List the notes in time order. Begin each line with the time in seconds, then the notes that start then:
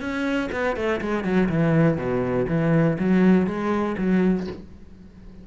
0.00 C#4
0.52 B3
0.76 A3
1.01 G#3
1.24 F#3
1.49 E3
1.97 B2
2.48 E3
2.99 F#3
3.46 G#3
3.97 F#3